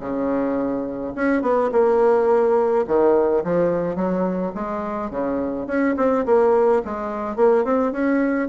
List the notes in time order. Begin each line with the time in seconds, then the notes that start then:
0.00 C#3
1.15 C#4
1.42 B3
1.72 A#3
2.87 D#3
3.44 F3
3.96 F#3
4.55 G#3
5.10 C#3
5.67 C#4
5.97 C4
6.26 A#3
6.85 G#3
7.36 A#3
7.64 C4
7.92 C#4